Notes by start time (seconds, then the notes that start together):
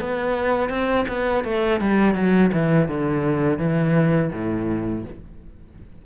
0.00 B3
0.69 C4
1.08 B3
1.44 A3
1.80 G3
2.15 F#3
2.52 E3
2.88 D3
3.58 E3
4.32 A2